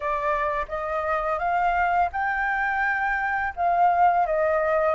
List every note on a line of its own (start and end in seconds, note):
0.00 0.66 D5
0.68 1.38 D#5
1.38 2.09 F5
2.12 3.53 G5
3.56 4.26 F5
4.26 4.94 D#5